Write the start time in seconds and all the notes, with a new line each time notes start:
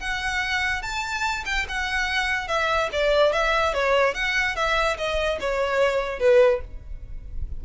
0.00 F#5
0.82 A5
1.46 G5
1.69 F#5
2.48 E5
2.92 D5
3.33 E5
3.74 C#5
4.14 F#5
4.56 E5
4.97 D#5
5.40 C#5
6.19 B4